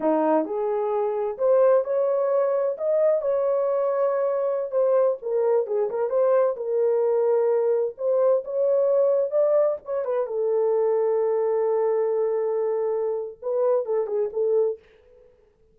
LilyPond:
\new Staff \with { instrumentName = "horn" } { \time 4/4 \tempo 4 = 130 dis'4 gis'2 c''4 | cis''2 dis''4 cis''4~ | cis''2~ cis''16 c''4 ais'8.~ | ais'16 gis'8 ais'8 c''4 ais'4.~ ais'16~ |
ais'4~ ais'16 c''4 cis''4.~ cis''16~ | cis''16 d''4 cis''8 b'8 a'4.~ a'16~ | a'1~ | a'4 b'4 a'8 gis'8 a'4 | }